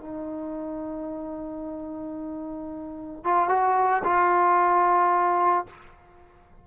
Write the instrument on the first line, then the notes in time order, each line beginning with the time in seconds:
trombone
0.00 D#4
3.24 F4
3.49 F#4
4.04 F4